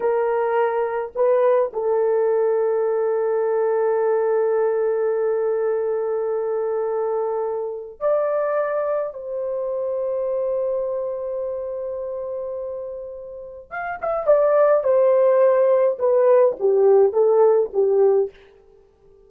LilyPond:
\new Staff \with { instrumentName = "horn" } { \time 4/4 \tempo 4 = 105 ais'2 b'4 a'4~ | a'1~ | a'1~ | a'2 d''2 |
c''1~ | c''1 | f''8 e''8 d''4 c''2 | b'4 g'4 a'4 g'4 | }